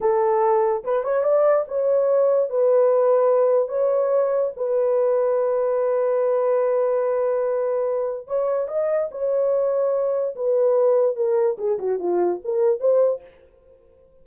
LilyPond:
\new Staff \with { instrumentName = "horn" } { \time 4/4 \tempo 4 = 145 a'2 b'8 cis''8 d''4 | cis''2 b'2~ | b'4 cis''2 b'4~ | b'1~ |
b'1 | cis''4 dis''4 cis''2~ | cis''4 b'2 ais'4 | gis'8 fis'8 f'4 ais'4 c''4 | }